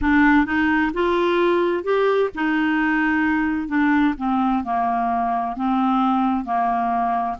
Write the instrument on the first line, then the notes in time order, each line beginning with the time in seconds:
clarinet
0.01 D4
0.45 D#4
0.93 F4
1.83 G4
2.34 D#4
3.68 D4
4.17 C4
4.64 A#3
5.56 C4
6.44 A#3